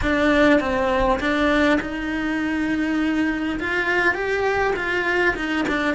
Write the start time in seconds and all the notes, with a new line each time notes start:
0.01 D4
0.60 C4
1.20 D4
1.80 D#4
3.59 F4
4.14 G4
4.76 F4
5.35 D#4
5.68 D4